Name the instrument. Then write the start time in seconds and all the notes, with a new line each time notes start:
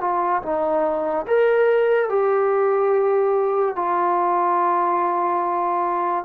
trombone
0.00 F4
0.42 D#4
1.27 A#4
2.09 G4
3.75 F4